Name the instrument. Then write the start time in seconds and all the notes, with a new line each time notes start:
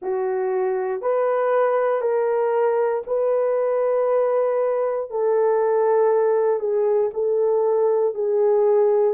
horn
0.02 F#4
1.01 B4
2.01 A#4
3.06 B4
5.10 A4
6.59 G#4
7.13 A4
8.14 G#4